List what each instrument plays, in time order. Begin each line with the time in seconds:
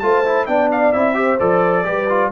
0.00 tuba A3, trombone F4, horn C5, trumpet A5
0.25 trombone E4
0.47 tuba B3, trombone D4, horn D5, trumpet G5
0.72 trumpet F5
0.93 tuba C4, trombone E4, trumpet E5
1.15 trombone G4, horn C5
1.40 tuba F3, trombone A4, trumpet D5
1.85 tuba G3, trombone G4, horn B4
2.10 trombone F4